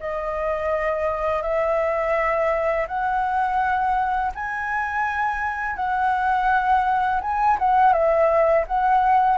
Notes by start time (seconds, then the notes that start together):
0.00 D#5
1.42 E5
2.87 F#5
4.35 G#5
5.76 F#5
7.21 G#5
7.59 F#5
7.92 E5
8.67 F#5